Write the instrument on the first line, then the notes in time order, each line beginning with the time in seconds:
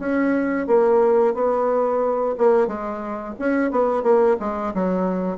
bassoon
0.00 C#4
0.67 A#3
1.35 B3
2.38 A#3
2.68 G#3
3.40 C#4
3.71 B3
4.03 A#3
4.40 G#3
4.75 F#3